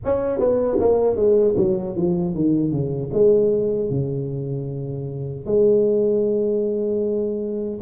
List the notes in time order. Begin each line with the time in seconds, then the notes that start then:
0.04 C#4
0.39 B3
0.79 A#3
1.15 G#3
1.57 F#3
1.96 F3
2.34 D#3
2.71 C#3
3.13 G#3
3.90 C#3
5.46 G#3